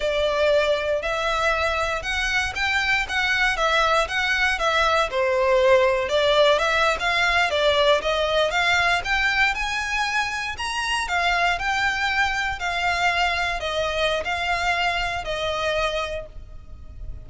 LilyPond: \new Staff \with { instrumentName = "violin" } { \time 4/4 \tempo 4 = 118 d''2 e''2 | fis''4 g''4 fis''4 e''4 | fis''4 e''4 c''2 | d''4 e''8. f''4 d''4 dis''16~ |
dis''8. f''4 g''4 gis''4~ gis''16~ | gis''8. ais''4 f''4 g''4~ g''16~ | g''8. f''2 dis''4~ dis''16 | f''2 dis''2 | }